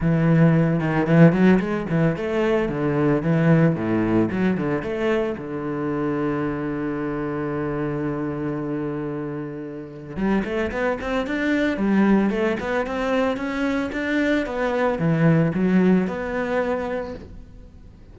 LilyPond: \new Staff \with { instrumentName = "cello" } { \time 4/4 \tempo 4 = 112 e4. dis8 e8 fis8 gis8 e8 | a4 d4 e4 a,4 | fis8 d8 a4 d2~ | d1~ |
d2. g8 a8 | b8 c'8 d'4 g4 a8 b8 | c'4 cis'4 d'4 b4 | e4 fis4 b2 | }